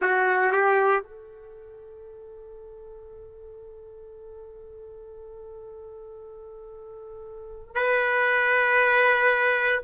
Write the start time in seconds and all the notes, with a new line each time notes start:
0.01 F#4
0.52 G4
1.03 A4
7.74 B4